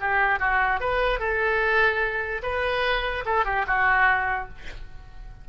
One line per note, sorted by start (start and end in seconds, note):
0.00 0.39 G4
0.39 0.80 F#4
0.80 1.19 B4
1.19 2.42 A4
2.42 3.24 B4
3.25 3.45 A4
3.45 3.65 G4
3.66 4.48 F#4